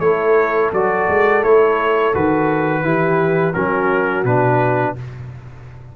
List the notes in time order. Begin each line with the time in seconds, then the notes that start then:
0.00 A3 E4 A4 C#5
0.73 F#3 F#4 D5
1.09 G#3
1.44 A3 E4 C#5
2.14 D#3 F#4 B4
2.83 E3 E4 G4
3.54 F#3 C#4 F#4 A#4
4.24 B2 D4 B4